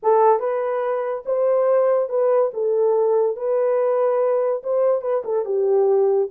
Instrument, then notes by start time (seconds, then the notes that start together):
horn
0.02 A4
0.39 B4
1.25 C5
2.09 B4
2.53 A4
3.36 B4
4.63 C5
5.01 B4
5.24 A4
5.45 G4